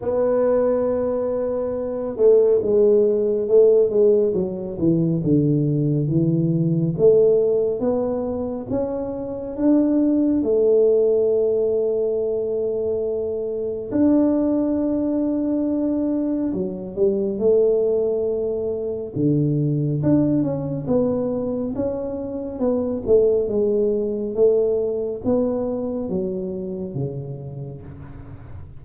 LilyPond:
\new Staff \with { instrumentName = "tuba" } { \time 4/4 \tempo 4 = 69 b2~ b8 a8 gis4 | a8 gis8 fis8 e8 d4 e4 | a4 b4 cis'4 d'4 | a1 |
d'2. fis8 g8 | a2 d4 d'8 cis'8 | b4 cis'4 b8 a8 gis4 | a4 b4 fis4 cis4 | }